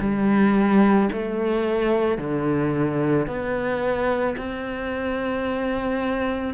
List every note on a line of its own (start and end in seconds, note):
0.00 1.09 G3
1.12 2.18 A3
2.18 3.27 D3
3.27 4.36 B3
4.37 6.54 C4